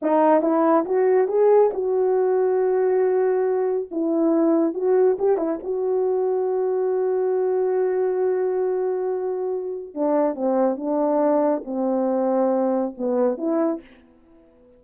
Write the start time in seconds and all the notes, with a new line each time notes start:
0.01 D#4
0.41 E4
0.85 F#4
1.27 G#4
1.73 F#4
3.91 E4
4.74 F#4
5.18 G4
5.37 E4
5.63 F#4
9.94 D4
10.35 C4
10.76 D4
11.64 C4
12.97 B3
13.37 E4